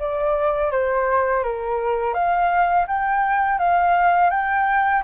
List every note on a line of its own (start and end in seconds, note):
0.00 0.72 D5
0.72 1.44 C5
1.44 2.14 A#4
2.14 2.87 F5
2.88 3.59 G5
3.59 4.31 F5
4.31 5.03 G5